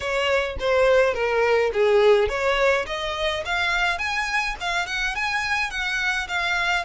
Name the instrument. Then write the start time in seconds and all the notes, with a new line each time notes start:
violin
0.00 C#5
0.59 C5
1.14 A#4
1.73 G#4
2.28 C#5
2.86 D#5
3.45 F5
3.98 G#5
4.60 F5
4.86 F#5
5.15 G#5
5.70 F#5
6.28 F5